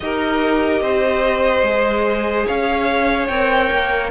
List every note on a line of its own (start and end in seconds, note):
0.00 0.80 D#4
0.00 1.64 G4
0.00 0.82 A#4
0.00 2.46 D#5
0.80 1.62 C4
0.80 2.46 C5
1.62 2.44 G#3
1.62 3.28 G#4
2.46 3.29 C#4
2.46 4.11 C#5
2.46 3.27 F5
3.27 3.70 C4
3.27 4.11 A#4
3.27 4.09 G5
3.70 4.11 A#3